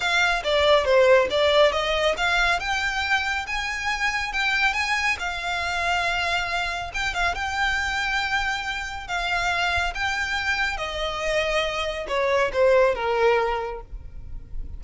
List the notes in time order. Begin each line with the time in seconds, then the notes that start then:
0.00 F5
0.44 D5
0.85 C5
1.30 D5
1.71 D#5
2.17 F5
2.59 G5
3.46 G#5
4.32 G5
4.73 G#5
5.19 F5
6.94 G5
7.14 F5
7.35 G5
9.07 F5
9.94 G5
10.77 D#5
12.08 C#5
12.52 C5
12.94 A#4